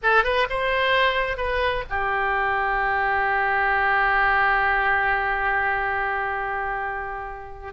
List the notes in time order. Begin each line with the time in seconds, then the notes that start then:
0.03 A4
0.23 B4
0.49 C5
1.37 B4
1.89 G4